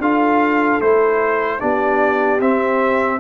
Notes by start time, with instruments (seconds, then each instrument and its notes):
0.00 tuba D4, trombone F4, horn A4, trumpet F5
0.81 tuba A3, trombone E4, trumpet C5
1.60 tuba B3, trombone D4, horn G4, trumpet D5
2.41 trombone C4, tuba C4, trumpet E5